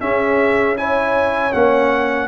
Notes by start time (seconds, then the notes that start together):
0.00 C#4 G#4 E5
0.77 E4 C#5 G#5
1.51 A#3 C#4 F#5